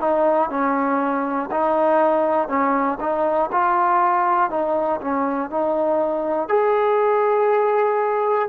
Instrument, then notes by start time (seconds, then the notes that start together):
trombone
0.00 D#4
0.50 C#4
1.51 D#4
2.48 C#4
3.00 D#4
3.52 F4
4.50 D#4
5.01 C#4
5.50 D#4
6.49 G#4